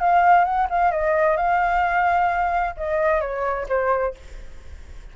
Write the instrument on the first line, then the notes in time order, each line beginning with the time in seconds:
flute
0.00 F5
0.45 F#5
0.70 F5
0.92 D#5
1.37 F5
2.77 D#5
3.21 C#5
3.69 C5